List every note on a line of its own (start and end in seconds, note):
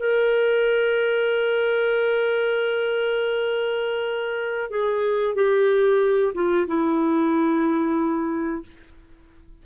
0.00 4.70 A#4
4.70 5.35 G#4
5.35 6.33 G4
6.34 6.67 F4
6.67 8.63 E4